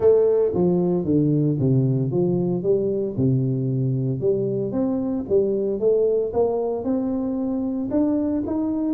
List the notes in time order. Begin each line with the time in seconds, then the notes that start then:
0.00 A3
0.54 F3
1.04 D3
1.59 C3
2.11 F3
2.62 G3
3.16 C3
4.20 G3
4.72 C4
5.28 G3
5.79 A3
6.33 A#3
6.83 C4
7.90 D4
8.46 D#4